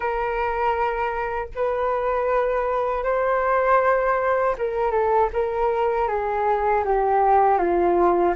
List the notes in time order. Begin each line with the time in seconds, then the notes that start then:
0.00 A#4
1.55 B4
3.03 C5
4.57 A#4
4.91 A4
5.33 A#4
6.08 G#4
6.85 G4
7.57 F4